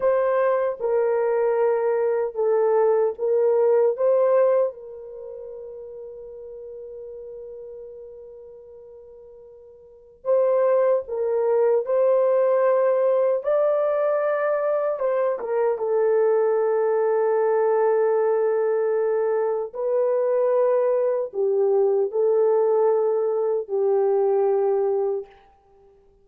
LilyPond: \new Staff \with { instrumentName = "horn" } { \time 4/4 \tempo 4 = 76 c''4 ais'2 a'4 | ais'4 c''4 ais'2~ | ais'1~ | ais'4 c''4 ais'4 c''4~ |
c''4 d''2 c''8 ais'8 | a'1~ | a'4 b'2 g'4 | a'2 g'2 | }